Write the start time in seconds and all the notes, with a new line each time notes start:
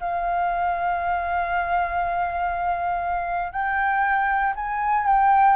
0.00 F5
3.52 G5
4.56 G#5
5.06 G5